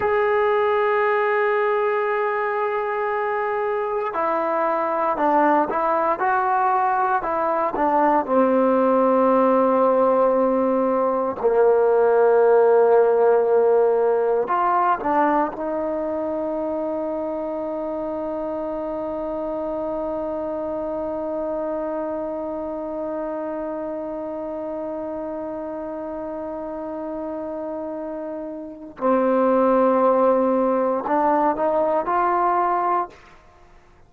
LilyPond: \new Staff \with { instrumentName = "trombone" } { \time 4/4 \tempo 4 = 58 gis'1 | e'4 d'8 e'8 fis'4 e'8 d'8 | c'2. ais4~ | ais2 f'8 d'8 dis'4~ |
dis'1~ | dis'1~ | dis'1 | c'2 d'8 dis'8 f'4 | }